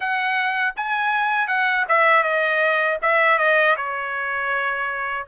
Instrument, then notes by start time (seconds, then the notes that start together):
trumpet
0.00 F#5
0.76 G#5
1.47 F#5
1.88 E5
2.23 D#5
3.02 E5
3.38 D#5
3.76 C#5